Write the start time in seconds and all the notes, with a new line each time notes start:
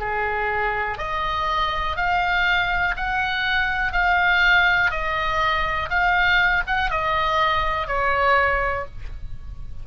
0.00 G#4
0.98 D#5
1.96 F5
2.96 F#5
3.92 F5
4.90 D#5
5.89 F5
6.67 F#5
6.90 D#5
7.87 C#5